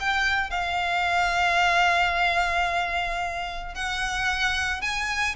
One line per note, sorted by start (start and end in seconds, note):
0.00 0.51 G5
0.51 3.75 F5
3.75 4.82 F#5
4.82 5.36 G#5